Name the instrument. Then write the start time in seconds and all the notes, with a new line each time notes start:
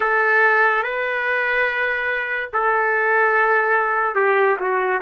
trumpet
0.00 A4
0.83 B4
2.53 A4
4.15 G4
4.59 F#4